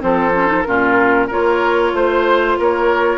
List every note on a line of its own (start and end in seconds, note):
0.00 0.67 F3
0.00 0.32 C4
0.00 0.68 A4
0.00 0.63 C5
0.35 0.47 C#4
0.47 0.63 D#4
0.63 1.31 A#2
0.63 1.31 C#4
0.63 1.28 F4
0.63 1.27 A#4
1.28 1.94 A#3
1.28 3.19 F4
1.28 1.92 A#4
1.28 1.95 C#5
1.94 2.58 A3
1.94 2.59 C5
2.59 3.19 A#3
2.59 3.19 A#4
2.59 3.19 C#5